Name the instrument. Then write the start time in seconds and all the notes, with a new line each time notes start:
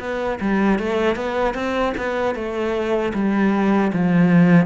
cello
0.00 B3
0.41 G3
0.79 A3
1.16 B3
1.54 C4
1.98 B3
2.35 A3
3.14 G3
3.93 F3